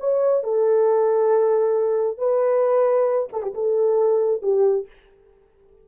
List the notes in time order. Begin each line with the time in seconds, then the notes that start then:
0.00 C#5
0.43 A4
2.18 B4
3.33 A4
3.43 G4
3.55 A4
4.42 G4